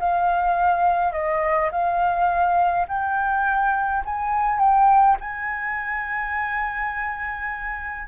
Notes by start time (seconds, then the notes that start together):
0.00 F5
1.13 D#5
1.72 F5
2.88 G5
4.05 G#5
4.59 G5
5.21 G#5